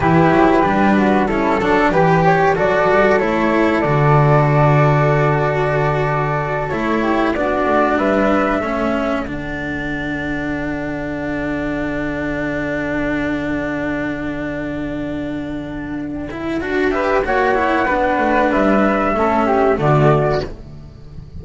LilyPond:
<<
  \new Staff \with { instrumentName = "flute" } { \time 4/4 \tempo 4 = 94 b'2 a'4 b'8 cis''8 | d''4 cis''4 d''2~ | d''2~ d''8 cis''4 d''8~ | d''8 e''2 fis''4.~ |
fis''1~ | fis''1~ | fis''2~ fis''8 e''8 fis''4~ | fis''4 e''2 d''4 | }
  \new Staff \with { instrumentName = "flute" } { \time 4/4 g'4. fis'8 e'8 a'8 g'4 | a'1~ | a'2. g'8 fis'8~ | fis'8 b'4 a'2~ a'8~ |
a'1~ | a'1~ | a'2~ a'8 b'8 cis''4 | b'2 a'8 g'8 fis'4 | }
  \new Staff \with { instrumentName = "cello" } { \time 4/4 e'4 d'4 cis'8 d'8 g'4 | fis'4 e'4 fis'2~ | fis'2~ fis'8 e'4 d'8~ | d'4. cis'4 d'4.~ |
d'1~ | d'1~ | d'4. e'8 fis'8 g'8 fis'8 e'8 | d'2 cis'4 a4 | }
  \new Staff \with { instrumentName = "double bass" } { \time 4/4 e8 fis8 g4. fis8 e4 | fis8 g8 a4 d2~ | d2~ d8 a4 b8 | a8 g4 a4 d4.~ |
d1~ | d1~ | d2 d'4 ais4 | b8 a8 g4 a4 d4 | }
>>